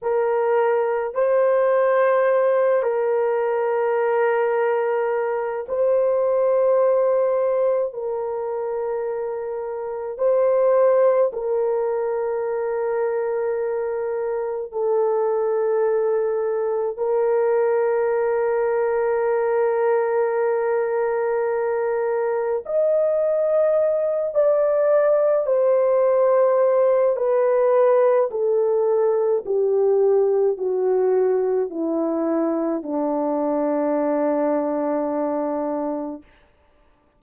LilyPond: \new Staff \with { instrumentName = "horn" } { \time 4/4 \tempo 4 = 53 ais'4 c''4. ais'4.~ | ais'4 c''2 ais'4~ | ais'4 c''4 ais'2~ | ais'4 a'2 ais'4~ |
ais'1 | dis''4. d''4 c''4. | b'4 a'4 g'4 fis'4 | e'4 d'2. | }